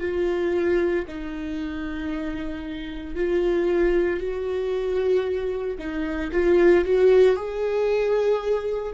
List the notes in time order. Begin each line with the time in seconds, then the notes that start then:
0.00 F4
1.08 D#4
3.15 F4
4.20 F#4
5.78 D#4
6.32 F4
6.85 F#4
7.36 G#4